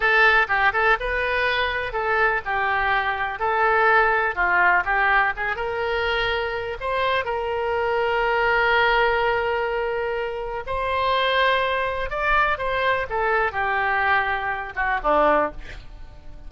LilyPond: \new Staff \with { instrumentName = "oboe" } { \time 4/4 \tempo 4 = 124 a'4 g'8 a'8 b'2 | a'4 g'2 a'4~ | a'4 f'4 g'4 gis'8 ais'8~ | ais'2 c''4 ais'4~ |
ais'1~ | ais'2 c''2~ | c''4 d''4 c''4 a'4 | g'2~ g'8 fis'8 d'4 | }